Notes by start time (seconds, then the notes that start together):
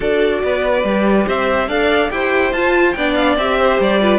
0.00 D4 F#4 A4 D5
0.43 B3 B4
0.83 G3 G4
1.26 C4 C5 E5
1.68 D4 A4 D5 F5
2.10 E4 G4 C5 G5
2.52 F4 A5
2.92 B3 D4 D5 G5
3.14 F5
3.37 C4 G4 E5
3.59 C5
3.80 G3 D5
4.00 F4 B4